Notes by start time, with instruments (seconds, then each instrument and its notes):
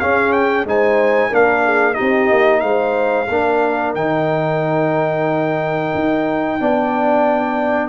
0.00 trombone C#4, tuba C#4, horn G#4, trumpet F5
0.33 trumpet G5
0.65 tuba G#3, trombone D#4, horn C5, trumpet G#5
1.30 tuba A#3, trombone D4, horn A#4, trumpet F5
1.65 horn G#4
1.94 trombone D#4, horn G4, trumpet D#5
2.01 tuba C4
2.31 tuba A#3
2.61 tuba G#3, horn C5, trumpet F5
3.29 tuba A#3, trombone D4, horn A#4
3.95 tuba D#3, trombone D#4, trumpet G5
5.95 tuba D#4
6.61 tuba B3, trombone D4, horn D5